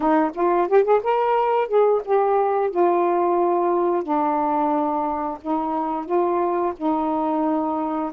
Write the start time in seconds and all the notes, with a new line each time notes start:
0.00 D#4
0.34 F4
0.67 G4
0.83 G#4
1.03 A#4
1.68 G#4
2.04 G4
2.70 F4
4.03 D4
5.41 D#4
6.05 F4
6.77 D#4